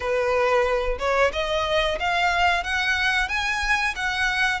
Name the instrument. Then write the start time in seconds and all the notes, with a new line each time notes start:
violin
0.00 B4
0.98 C#5
1.32 D#5
1.99 F5
2.63 F#5
3.28 G#5
3.95 F#5